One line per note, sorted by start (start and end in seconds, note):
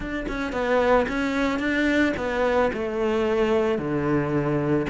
0.00 0.26 D4
0.28 0.52 C#4
0.52 1.06 B3
1.08 1.59 C#4
1.59 2.13 D4
2.16 2.71 B3
2.73 3.78 A3
3.78 4.86 D3